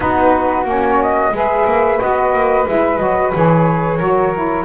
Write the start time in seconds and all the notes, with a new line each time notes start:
0.00 B3 D#4 F#4 B4
0.64 A#3 C#4 C#5
1.02 D#5
1.31 G#3 G#4 B4 E5
1.65 A#3
1.98 B3 F#4 D#5
2.32 A#3
2.67 G#3 E4 E5
2.97 F#3 F#4 D#5
3.34 E3 G#4 C#5
3.97 F#3 F#4 A#4
4.33 E4